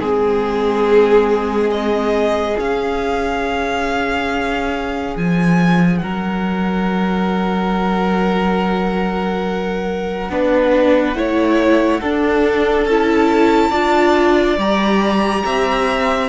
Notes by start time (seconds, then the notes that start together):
0.00 G#3 C4 G#4
1.72 D#5
2.58 C#4 F5
5.17 F3 G#5
5.98 F#3 A#4 F#5
10.30 B3 D4 B4
11.15 A3 E4 C#5
12.01 D4 A4
12.86 C#4 E4 A5
13.71 D4 F4 D5
14.58 G3 G4 A#5
15.46 C4 E5